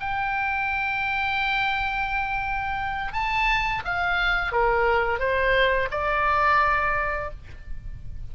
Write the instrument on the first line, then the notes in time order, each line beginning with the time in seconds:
oboe
0.00 G5
3.13 A5
3.85 F5
4.52 A#4
5.19 C5
5.91 D5